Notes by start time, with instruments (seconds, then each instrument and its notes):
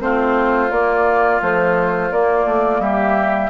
0.00 bassoon A3, clarinet C4, oboe F4, flute C5
0.71 bassoon A#3, clarinet A#3, flute D5
1.41 clarinet F3, bassoon A3, flute C5
2.12 bassoon A#3, clarinet A#3, flute D5
2.46 bassoon A3
2.80 bassoon G3, oboe G4, flute E5